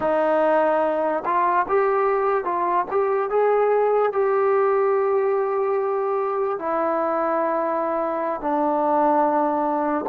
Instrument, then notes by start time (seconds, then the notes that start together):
trombone
0.00 D#4
1.25 F4
1.68 G4
2.44 F4
2.91 G4
3.30 G#4
4.12 G4
6.59 E4
8.41 D4